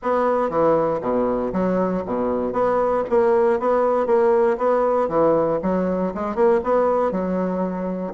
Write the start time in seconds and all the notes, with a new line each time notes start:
0.02 B3
0.49 E3
1.01 B2
1.52 F#3
2.05 B2
2.52 B3
3.09 A#3
3.59 B3
4.06 A#3
4.57 B3
5.08 E3
5.62 F#3
6.14 G#3
6.35 A#3
6.63 B3
7.11 F#3